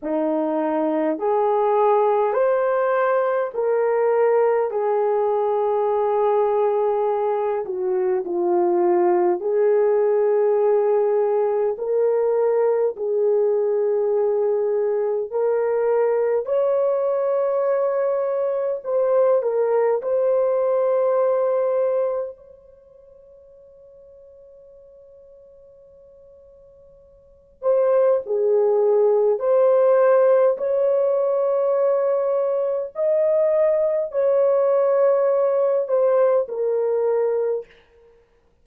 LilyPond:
\new Staff \with { instrumentName = "horn" } { \time 4/4 \tempo 4 = 51 dis'4 gis'4 c''4 ais'4 | gis'2~ gis'8 fis'8 f'4 | gis'2 ais'4 gis'4~ | gis'4 ais'4 cis''2 |
c''8 ais'8 c''2 cis''4~ | cis''2.~ cis''8 c''8 | gis'4 c''4 cis''2 | dis''4 cis''4. c''8 ais'4 | }